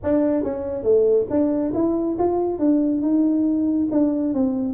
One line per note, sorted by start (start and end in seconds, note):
0.03 0.43 D4
0.43 0.83 C#4
0.83 1.26 A3
1.29 1.73 D4
1.74 2.17 E4
2.18 2.58 F4
2.58 3.01 D4
3.01 3.88 D#4
3.91 4.34 D4
4.34 4.73 C4